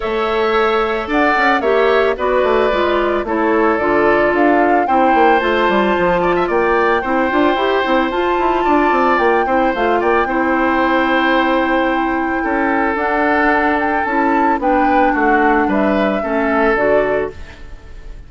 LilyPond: <<
  \new Staff \with { instrumentName = "flute" } { \time 4/4 \tempo 4 = 111 e''2 fis''4 e''4 | d''2 cis''4 d''4 | f''4 g''4 a''2 | g''2. a''4~ |
a''4 g''4 f''8 g''4.~ | g''1 | fis''4. g''8 a''4 g''4 | fis''4 e''2 d''4 | }
  \new Staff \with { instrumentName = "oboe" } { \time 4/4 cis''2 d''4 cis''4 | b'2 a'2~ | a'4 c''2~ c''8 d''16 e''16 | d''4 c''2. |
d''4. c''4 d''8 c''4~ | c''2. a'4~ | a'2. b'4 | fis'4 b'4 a'2 | }
  \new Staff \with { instrumentName = "clarinet" } { \time 4/4 a'2. g'4 | fis'4 f'4 e'4 f'4~ | f'4 e'4 f'2~ | f'4 e'8 f'8 g'8 e'8 f'4~ |
f'4. e'8 f'4 e'4~ | e'1 | d'2 e'4 d'4~ | d'2 cis'4 fis'4 | }
  \new Staff \with { instrumentName = "bassoon" } { \time 4/4 a2 d'8 cis'8 ais4 | b8 a8 gis4 a4 d4 | d'4 c'8 ais8 a8 g8 f4 | ais4 c'8 d'8 e'8 c'8 f'8 e'8 |
d'8 c'8 ais8 c'8 a8 ais8 c'4~ | c'2. cis'4 | d'2 cis'4 b4 | a4 g4 a4 d4 | }
>>